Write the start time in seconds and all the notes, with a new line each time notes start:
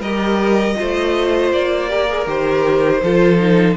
0.00 G3 G4 A#4 D#5
0.76 A3 F4 C5
1.52 A#3 D5
1.88 G4 A#4
2.08 G#4
2.26 D#3 G4 C5
3.02 F3 F4 A4
3.38 D#4